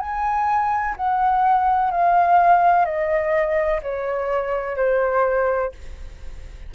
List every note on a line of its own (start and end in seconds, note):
0.00 0.95 G#5
0.97 1.91 F#5
1.91 2.85 F5
2.85 3.81 D#5
3.83 4.77 C#5
4.77 5.72 C5